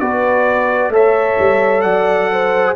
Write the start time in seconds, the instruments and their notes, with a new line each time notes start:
0.00 tuba B3, trombone F#4, horn B4, trumpet D5
0.90 tuba A3, trombone A4, horn C#5, trumpet E5
1.39 tuba G3
1.82 tuba F#3, horn D5, trumpet F#5
2.32 horn C5